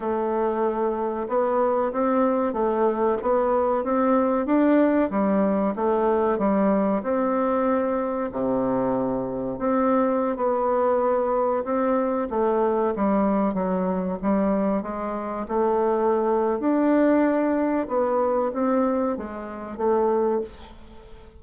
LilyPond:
\new Staff \with { instrumentName = "bassoon" } { \time 4/4 \tempo 4 = 94 a2 b4 c'4 | a4 b4 c'4 d'4 | g4 a4 g4 c'4~ | c'4 c2 c'4~ |
c'16 b2 c'4 a8.~ | a16 g4 fis4 g4 gis8.~ | gis16 a4.~ a16 d'2 | b4 c'4 gis4 a4 | }